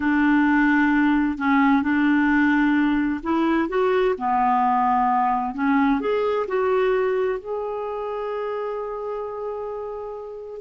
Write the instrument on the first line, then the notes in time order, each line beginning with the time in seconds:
clarinet
0.00 D4
1.37 C#4
1.82 D4
3.23 E4
3.68 F#4
4.18 B3
5.54 C#4
6.00 G#4
6.47 F#4
7.39 G#4